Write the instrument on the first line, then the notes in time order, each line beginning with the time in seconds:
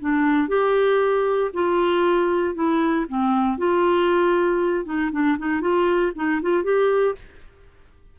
clarinet
0.00 D4
0.48 G4
1.53 F4
2.54 E4
3.08 C4
3.57 F4
4.85 D#4
5.11 D4
5.38 D#4
5.61 F4
6.15 D#4
6.41 F4
6.63 G4